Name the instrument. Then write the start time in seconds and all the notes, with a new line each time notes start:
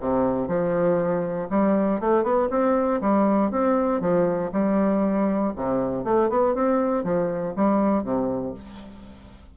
bassoon
0.00 C3
0.48 F3
1.50 G3
2.00 A3
2.23 B3
2.50 C4
3.01 G3
3.51 C4
4.00 F3
4.52 G3
5.56 C3
6.04 A3
6.29 B3
6.55 C4
7.04 F3
7.56 G3
8.03 C3